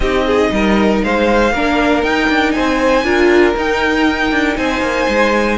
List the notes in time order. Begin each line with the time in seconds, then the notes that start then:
0.00 C4 D#4 G4 D#5
0.26 G#4
0.51 G3 A#4
1.03 G#3 C5 F5
1.52 A#3 D4 A#4
2.02 D#4 G5
2.28 D4
2.51 C5 G#5
2.58 C4
3.03 D4 F4 A#4
3.55 D#4 G5
4.31 D4
4.56 C4 C5 G#5
4.81 A#3
5.08 G#3